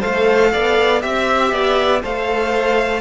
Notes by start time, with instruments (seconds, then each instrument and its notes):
0.00 cello A3, viola A4, violin C5 F5
0.53 cello B3, violin D5
1.01 cello C4, viola G4, violin E5
1.52 cello B3, violin D5
2.03 cello A3, viola A4, violin C5 F5